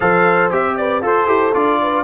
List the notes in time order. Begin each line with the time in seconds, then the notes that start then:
0.00 F3 A4 C5 F5
0.50 C4 G4 E5
0.76 B4 D5
1.01 F4 A4 C5
1.27 E4 G4
1.53 D4 F4 D5
1.81 B4